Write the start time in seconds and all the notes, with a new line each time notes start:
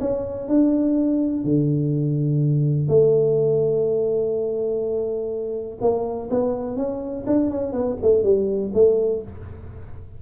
0.00 C#4
0.48 D4
1.44 D3
2.88 A3
5.81 A#3
6.30 B3
6.77 C#4
7.26 D4
7.50 C#4
7.72 B3
8.02 A3
8.23 G3
8.74 A3